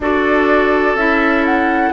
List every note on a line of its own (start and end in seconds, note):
0.00 0.94 D4
0.00 0.98 F#4
0.00 1.92 A4
0.00 0.96 D5
0.94 1.91 C#4
0.94 1.92 E4
0.94 1.44 E5
1.45 1.92 F#5